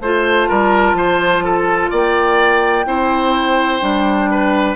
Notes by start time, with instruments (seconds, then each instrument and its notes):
0.00 bassoon A3, clarinet F4, oboe C5, flute A5
0.48 bassoon G3, oboe A#4
0.93 bassoon F3, oboe C5
1.44 oboe A4
1.90 bassoon A#3, oboe D5, flute G5
2.86 bassoon C4, clarinet E4, oboe C5
3.81 bassoon G3, clarinet D4
4.31 oboe B4